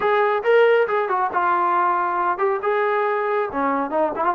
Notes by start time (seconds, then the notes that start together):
0.00 G#4
0.43 A#4
0.87 G#4
1.08 F#4
1.32 F4
2.38 G4
2.62 G#4
3.52 C#4
3.90 D#4
4.15 E4
4.24 F4